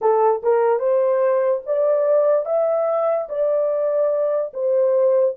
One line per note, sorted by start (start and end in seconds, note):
0.01 0.42 A4
0.42 0.79 A#4
0.79 1.61 C5
1.66 2.45 D5
2.45 3.27 E5
3.29 4.52 D5
4.53 5.35 C5